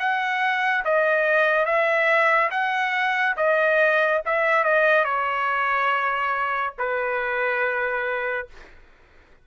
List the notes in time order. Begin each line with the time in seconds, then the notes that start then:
0.00 F#5
0.85 D#5
1.66 E5
2.51 F#5
3.37 D#5
4.26 E5
4.64 D#5
5.05 C#5
6.79 B4